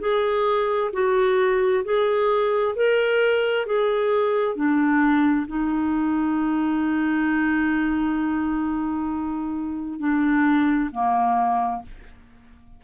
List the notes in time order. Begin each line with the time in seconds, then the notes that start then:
0.00 G#4
0.93 F#4
1.85 G#4
2.76 A#4
3.66 G#4
4.56 D4
5.48 D#4
10.00 D4
10.92 A#3